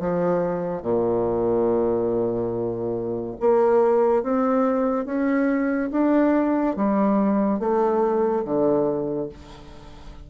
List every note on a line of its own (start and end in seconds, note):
0.00 0.83 F3
0.83 3.36 A#2
3.41 4.23 A#3
4.23 5.06 C4
5.06 5.90 C#4
5.92 6.76 D4
6.76 7.60 G3
7.60 8.44 A3
8.45 9.29 D3